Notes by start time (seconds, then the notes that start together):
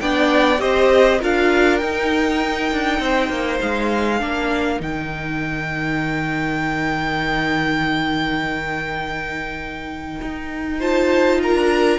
0.00 B3 D4 D5 G5
0.58 C4 G4 C5 D#5
1.19 D4 F4 A#4 F5
1.78 D#4 G5
2.72 D4
2.99 C4 C5
3.29 A#3
3.61 G#3 F5
4.18 A#3 D4 A#4
4.79 D#3 D#4 G5
10.21 D#4
10.79 F4 C5 A5
11.42 A#4 A#5
11.55 D4